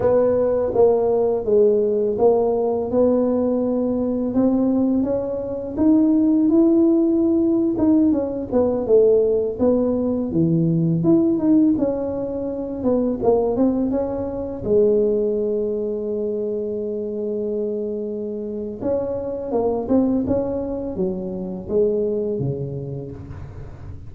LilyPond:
\new Staff \with { instrumentName = "tuba" } { \time 4/4 \tempo 4 = 83 b4 ais4 gis4 ais4 | b2 c'4 cis'4 | dis'4 e'4.~ e'16 dis'8 cis'8 b16~ | b16 a4 b4 e4 e'8 dis'16~ |
dis'16 cis'4. b8 ais8 c'8 cis'8.~ | cis'16 gis2.~ gis8.~ | gis2 cis'4 ais8 c'8 | cis'4 fis4 gis4 cis4 | }